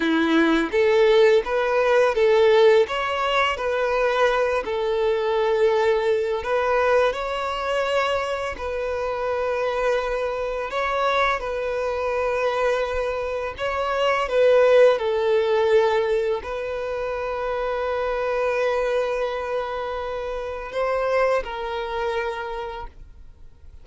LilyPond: \new Staff \with { instrumentName = "violin" } { \time 4/4 \tempo 4 = 84 e'4 a'4 b'4 a'4 | cis''4 b'4. a'4.~ | a'4 b'4 cis''2 | b'2. cis''4 |
b'2. cis''4 | b'4 a'2 b'4~ | b'1~ | b'4 c''4 ais'2 | }